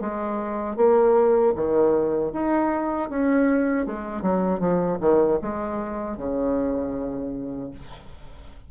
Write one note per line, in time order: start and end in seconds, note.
0.00 0.76 G#3
0.76 1.53 A#3
1.55 2.32 D#3
2.32 3.09 D#4
3.09 3.86 C#4
3.86 4.22 G#3
4.22 4.59 F#3
4.59 4.98 F3
5.00 5.39 D#3
5.41 6.17 G#3
6.17 7.71 C#3